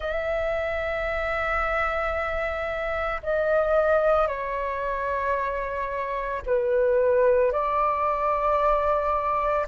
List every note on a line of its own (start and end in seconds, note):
0.00 3.21 E5
3.22 4.27 D#5
4.27 6.41 C#5
6.46 7.52 B4
7.52 9.66 D5